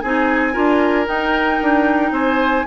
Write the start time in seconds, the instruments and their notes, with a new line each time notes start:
0.00 bassoon C4, clarinet D#4, oboe G#4, flute G#5
0.53 bassoon D4, clarinet F4, oboe A#4
1.06 clarinet D#4, bassoon D#4, flute G5
1.61 bassoon D4
2.11 bassoon C4, oboe C5, flute G#5